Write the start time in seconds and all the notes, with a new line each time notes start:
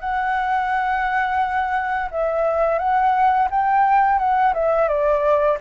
0.00 F#5
2.11 E5
2.78 F#5
3.50 G5
4.18 F#5
4.53 E5
4.88 D5